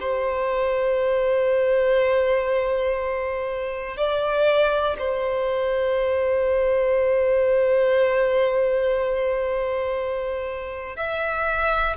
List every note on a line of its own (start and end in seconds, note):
0.00 3.96 C5
3.96 4.96 D5
4.99 10.96 C5
10.96 11.96 E5